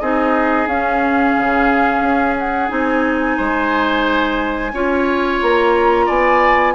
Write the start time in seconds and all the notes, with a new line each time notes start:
0.00 C4 D#4 G#4 D#5
0.67 C#4 F5
1.38 C#3
2.01 C#4
2.38 F#5
2.68 C4 D#4 G#5
3.37 G#3 C5
4.73 C#4 F4 C#5
5.41 A#3 A#5
6.06 B3 D5 G#5